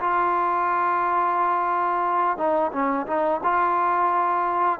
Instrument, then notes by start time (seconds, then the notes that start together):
trombone
0.00 F4
2.37 D#4
2.72 C#4
3.06 D#4
3.43 F4